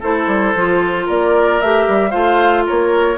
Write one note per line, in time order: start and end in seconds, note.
0.00 0.27 A3
0.00 0.55 E4
0.00 1.05 A4
0.00 1.08 C5
0.27 0.53 G3
0.55 1.07 F3
0.55 1.62 F4
1.06 1.61 A#3
1.06 2.10 A#4
1.06 1.61 D5
1.61 1.87 A3
1.61 2.11 G4
1.61 2.11 E5
1.88 2.14 G3
2.10 2.66 A3
2.10 3.17 F4
2.10 2.63 C5
2.10 2.63 F5
2.66 3.18 A#3
2.66 3.18 A#4
2.66 3.18 C#5